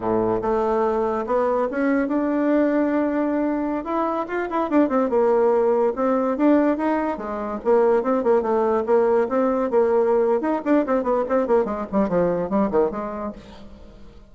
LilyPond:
\new Staff \with { instrumentName = "bassoon" } { \time 4/4 \tempo 4 = 144 a,4 a2 b4 | cis'4 d'2.~ | d'4~ d'16 e'4 f'8 e'8 d'8 c'16~ | c'16 ais2 c'4 d'8.~ |
d'16 dis'4 gis4 ais4 c'8 ais16~ | ais16 a4 ais4 c'4 ais8.~ | ais4 dis'8 d'8 c'8 b8 c'8 ais8 | gis8 g8 f4 g8 dis8 gis4 | }